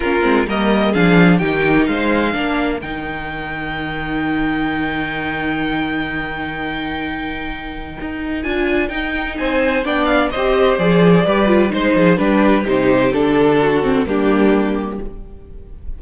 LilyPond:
<<
  \new Staff \with { instrumentName = "violin" } { \time 4/4 \tempo 4 = 128 ais'4 dis''4 f''4 g''4 | f''2 g''2~ | g''1~ | g''1~ |
g''2 gis''4 g''4 | gis''4 g''8 f''8 dis''4 d''4~ | d''4 c''4 b'4 c''4 | a'2 g'2 | }
  \new Staff \with { instrumentName = "violin" } { \time 4/4 f'4 ais'4 gis'4 g'4 | c''4 ais'2.~ | ais'1~ | ais'1~ |
ais'1 | c''4 d''4 c''2 | b'4 c''8 gis'8 g'2~ | g'4 fis'4 d'2 | }
  \new Staff \with { instrumentName = "viola" } { \time 4/4 cis'8 c'8 ais4 d'4 dis'4~ | dis'4 d'4 dis'2~ | dis'1~ | dis'1~ |
dis'2 f'4 dis'4~ | dis'4 d'4 g'4 gis'4 | g'8 f'8 dis'4 d'4 dis'4 | d'4. c'8 ais2 | }
  \new Staff \with { instrumentName = "cello" } { \time 4/4 ais8 gis8 g4 f4 dis4 | gis4 ais4 dis2~ | dis1~ | dis1~ |
dis4 dis'4 d'4 dis'4 | c'4 b4 c'4 f4 | g4 gis8 f8 g4 c4 | d2 g2 | }
>>